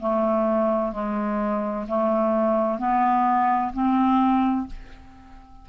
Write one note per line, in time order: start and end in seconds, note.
0.00 0.92 A3
0.92 1.86 G#3
1.87 2.79 A3
2.79 3.72 B3
3.73 4.67 C4